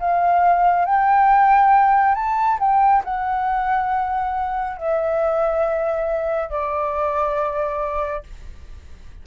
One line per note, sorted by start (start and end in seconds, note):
0.00 0.85 F5
0.85 2.15 G5
2.15 2.58 A5
2.60 3.03 G5
3.05 4.77 F#5
4.77 6.50 E5
6.50 8.24 D5